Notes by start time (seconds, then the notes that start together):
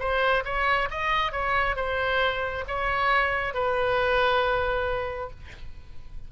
0.00 C5
0.45 C#5
0.91 D#5
1.33 C#5
1.76 C5
2.68 C#5
3.54 B4